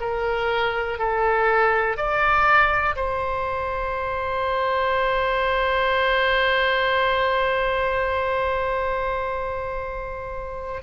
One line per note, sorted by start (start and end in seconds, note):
0.00 0.98 A#4
0.98 1.97 A4
1.97 2.95 D5
2.96 10.82 C5